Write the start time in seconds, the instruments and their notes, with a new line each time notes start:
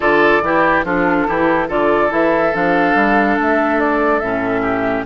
0.00 bassoon D3, clarinet F4, oboe A4, flute D5
0.42 bassoon E3, clarinet E4, oboe G4
0.84 bassoon F3, clarinet D4, oboe F4, flute A4
1.27 bassoon E3, clarinet E4, oboe G4
1.68 bassoon D3, clarinet F4, oboe A4, flute D5
2.10 bassoon E3, clarinet E4, flute E5
2.53 bassoon F3, clarinet D4, flute F5
2.94 bassoon G3
3.38 bassoon A3, flute E5
3.80 flute D5
4.19 bassoon A2, clarinet C#4, flute E5
4.62 oboe G4